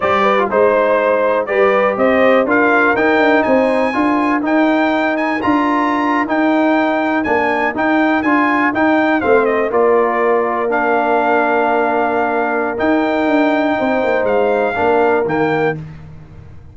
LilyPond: <<
  \new Staff \with { instrumentName = "trumpet" } { \time 4/4 \tempo 4 = 122 d''4 c''2 d''4 | dis''4 f''4 g''4 gis''4~ | gis''4 g''4. gis''8 ais''4~ | ais''8. g''2 gis''4 g''16~ |
g''8. gis''4 g''4 f''8 dis''8 d''16~ | d''4.~ d''16 f''2~ f''16~ | f''2 g''2~ | g''4 f''2 g''4 | }
  \new Staff \with { instrumentName = "horn" } { \time 4/4 c''8 b'8 c''2 b'4 | c''4 ais'2 c''4 | ais'1~ | ais'1~ |
ais'2~ ais'8. c''4 ais'16~ | ais'1~ | ais'1 | c''2 ais'2 | }
  \new Staff \with { instrumentName = "trombone" } { \time 4/4 g'8. f'16 dis'2 g'4~ | g'4 f'4 dis'2 | f'4 dis'2 f'4~ | f'8. dis'2 d'4 dis'16~ |
dis'8. f'4 dis'4 c'4 f'16~ | f'4.~ f'16 d'2~ d'16~ | d'2 dis'2~ | dis'2 d'4 ais4 | }
  \new Staff \with { instrumentName = "tuba" } { \time 4/4 g4 gis2 g4 | c'4 d'4 dis'8 d'8 c'4 | d'4 dis'2 d'4~ | d'8. dis'2 ais4 dis'16~ |
dis'8. d'4 dis'4 a4 ais16~ | ais1~ | ais2 dis'4 d'4 | c'8 ais8 gis4 ais4 dis4 | }
>>